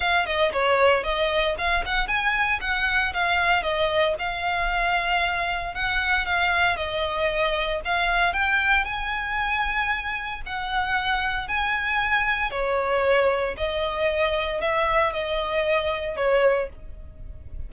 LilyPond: \new Staff \with { instrumentName = "violin" } { \time 4/4 \tempo 4 = 115 f''8 dis''8 cis''4 dis''4 f''8 fis''8 | gis''4 fis''4 f''4 dis''4 | f''2. fis''4 | f''4 dis''2 f''4 |
g''4 gis''2. | fis''2 gis''2 | cis''2 dis''2 | e''4 dis''2 cis''4 | }